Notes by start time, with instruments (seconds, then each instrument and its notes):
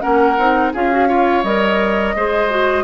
0.00 bassoon A#3, clarinet C#4, oboe A#4, flute F#5
0.38 bassoon C4, clarinet D#4
0.73 bassoon C#4, clarinet F4, oboe G#4, flute F5
0.92 clarinet F#4
1.08 clarinet F4, oboe C#5
1.43 bassoon G3, clarinet A#4, flute D#5
2.15 bassoon G#3, clarinet G#4, oboe C5
2.50 clarinet F#4